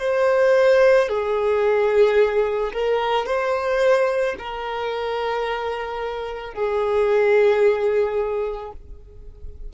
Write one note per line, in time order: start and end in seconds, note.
0.00 1.09 C5
1.09 2.73 G#4
2.73 3.27 A#4
3.27 4.36 C5
4.39 6.54 A#4
6.54 8.72 G#4